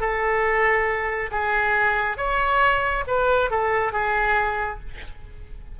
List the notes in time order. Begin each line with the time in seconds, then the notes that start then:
0.00 A4
1.31 G#4
2.17 C#5
3.08 B4
3.51 A4
3.92 G#4